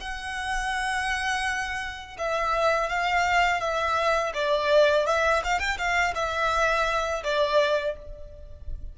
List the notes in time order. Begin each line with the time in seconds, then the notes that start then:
0.00 F#5
2.18 E5
2.89 F5
3.60 E5
4.34 D5
5.06 E5
5.44 F5
5.59 G5
5.78 F5
6.15 E5
7.23 D5